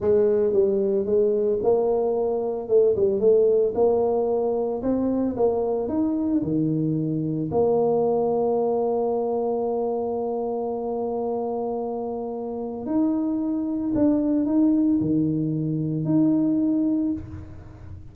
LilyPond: \new Staff \with { instrumentName = "tuba" } { \time 4/4 \tempo 4 = 112 gis4 g4 gis4 ais4~ | ais4 a8 g8 a4 ais4~ | ais4 c'4 ais4 dis'4 | dis2 ais2~ |
ais1~ | ais1 | dis'2 d'4 dis'4 | dis2 dis'2 | }